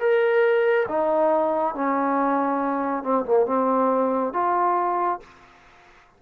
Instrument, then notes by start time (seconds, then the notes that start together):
trombone
0.00 A#4
0.89 D#4
1.75 C#4
3.04 C4
3.26 A#3
3.47 C4
4.34 F4